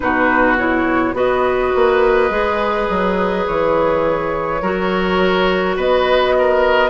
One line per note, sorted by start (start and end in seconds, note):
0.00 1.13 B2
0.00 0.56 D#4
0.00 1.15 F#4
0.00 0.57 B4
0.57 1.14 E4
0.57 1.15 C#5
1.13 1.71 B3
1.13 2.30 F#4
1.13 4.61 B4
1.13 3.46 D#5
1.75 2.30 A#3
2.30 2.87 G#3
2.30 4.60 G#4
2.89 3.46 F#3
3.46 4.61 E3
3.46 5.77 C#5
4.61 5.76 F#3
4.61 6.89 F#4
4.61 5.76 A#4
5.76 6.89 B3
5.76 6.34 B4
5.76 6.89 D#5
6.38 6.89 A#4